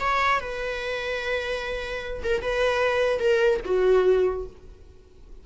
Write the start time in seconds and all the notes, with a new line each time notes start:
0.00 C#5
0.40 B4
2.24 A#4
2.42 B4
3.20 A#4
3.65 F#4